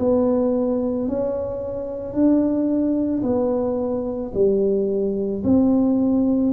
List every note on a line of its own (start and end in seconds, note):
0.00 1.09 B3
1.09 2.13 C#4
2.13 3.22 D4
3.23 4.32 B3
4.34 5.43 G3
5.44 6.53 C4